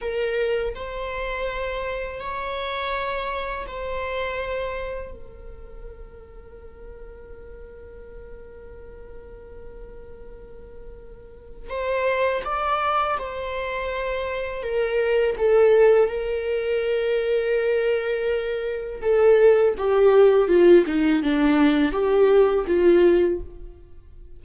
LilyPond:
\new Staff \with { instrumentName = "viola" } { \time 4/4 \tempo 4 = 82 ais'4 c''2 cis''4~ | cis''4 c''2 ais'4~ | ais'1~ | ais'1 |
c''4 d''4 c''2 | ais'4 a'4 ais'2~ | ais'2 a'4 g'4 | f'8 dis'8 d'4 g'4 f'4 | }